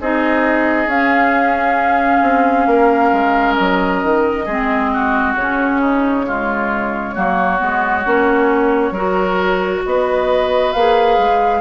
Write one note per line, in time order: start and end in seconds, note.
0.00 0.86 C4
0.00 0.87 D#4
0.00 2.68 G#4
0.00 0.89 D#5
0.86 2.20 C#4
0.86 4.46 C#4
0.86 3.54 F5
2.21 2.66 C4
2.66 3.11 A#3
2.66 4.45 A#4
3.12 3.57 G#3
3.54 4.03 F#3
3.54 5.33 D#5
4.03 4.46 D#3
4.45 5.35 G#3
4.45 5.38 C4
4.45 4.89 G#4
4.93 5.80 F#4
5.35 7.14 C#3
5.35 6.26 C#4
5.35 9.83 C#5
5.80 6.25 D#4
6.26 7.15 G#3
6.26 7.14 F4
7.14 7.61 F#3
7.14 7.57 A#3
7.14 8.93 F#4
7.57 8.05 G#3
7.57 8.02 B3
8.04 8.91 A#3
8.04 8.94 C#4
8.91 9.80 F#3
8.91 10.74 F#4
8.91 9.83 A#4
9.85 10.74 B3
9.85 11.60 B4
9.85 10.72 D#5
10.72 11.18 A#3
10.72 11.60 G#4
10.72 11.60 F5
11.18 11.60 G#3